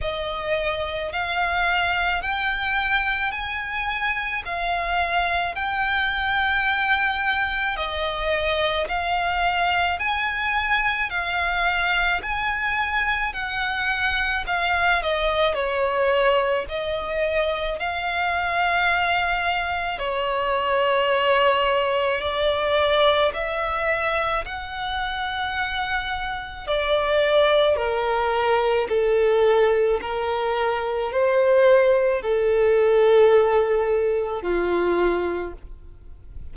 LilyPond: \new Staff \with { instrumentName = "violin" } { \time 4/4 \tempo 4 = 54 dis''4 f''4 g''4 gis''4 | f''4 g''2 dis''4 | f''4 gis''4 f''4 gis''4 | fis''4 f''8 dis''8 cis''4 dis''4 |
f''2 cis''2 | d''4 e''4 fis''2 | d''4 ais'4 a'4 ais'4 | c''4 a'2 f'4 | }